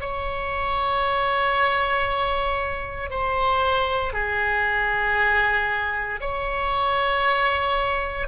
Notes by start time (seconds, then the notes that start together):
0.00 C#5
3.10 C5
4.13 G#4
6.21 C#5